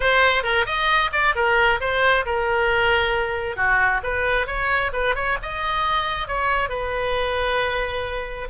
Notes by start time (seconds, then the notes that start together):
0.00 C5
0.43 A#4
0.66 D#5
1.12 D5
1.35 A#4
1.80 C5
2.25 A#4
3.56 F#4
4.03 B4
4.46 C#5
4.93 B4
5.15 C#5
5.42 D#5
6.27 C#5
6.69 B4